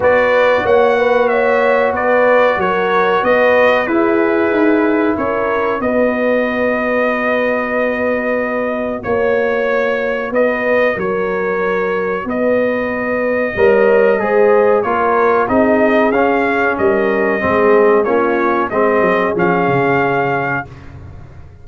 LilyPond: <<
  \new Staff \with { instrumentName = "trumpet" } { \time 4/4 \tempo 4 = 93 d''4 fis''4 e''4 d''4 | cis''4 dis''4 b'2 | cis''4 dis''2.~ | dis''2 cis''2 |
dis''4 cis''2 dis''4~ | dis''2. cis''4 | dis''4 f''4 dis''2 | cis''4 dis''4 f''2 | }
  \new Staff \with { instrumentName = "horn" } { \time 4/4 b'4 cis''8 b'8 cis''4 b'4 | ais'4 b'4 gis'2 | ais'4 b'2.~ | b'2 cis''2 |
b'4 ais'2 b'4~ | b'4 cis''4 c''4 ais'4 | gis'2 ais'4 gis'4 | f'4 gis'2. | }
  \new Staff \with { instrumentName = "trombone" } { \time 4/4 fis'1~ | fis'2 e'2~ | e'4 fis'2.~ | fis'1~ |
fis'1~ | fis'4 ais'4 gis'4 f'4 | dis'4 cis'2 c'4 | cis'4 c'4 cis'2 | }
  \new Staff \with { instrumentName = "tuba" } { \time 4/4 b4 ais2 b4 | fis4 b4 e'4 dis'4 | cis'4 b2.~ | b2 ais2 |
b4 fis2 b4~ | b4 g4 gis4 ais4 | c'4 cis'4 g4 gis4 | ais4 gis8 fis8 f8 cis4. | }
>>